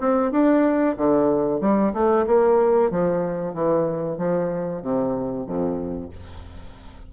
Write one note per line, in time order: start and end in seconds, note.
0.00 0.31 C4
0.31 0.96 D4
0.97 1.60 D3
1.60 1.93 G3
1.93 2.26 A3
2.26 2.90 A#3
2.90 3.54 F3
3.54 4.18 E3
4.18 4.82 F3
4.82 5.46 C3
5.46 6.11 F2